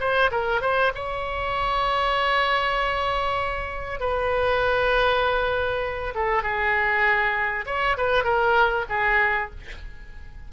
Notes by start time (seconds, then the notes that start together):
0.00 C5
0.31 A#4
0.62 C5
0.95 C#5
4.00 B4
6.15 A4
6.43 G#4
7.66 C#5
7.97 B4
8.24 A#4
8.89 G#4